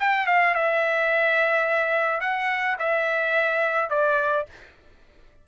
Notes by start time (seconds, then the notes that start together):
0.00 G5
0.27 F5
0.55 E5
2.21 F#5
2.79 E5
3.90 D5